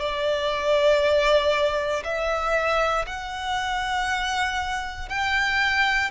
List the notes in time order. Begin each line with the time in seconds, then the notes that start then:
0.00 D5
2.04 E5
3.06 F#5
5.08 G5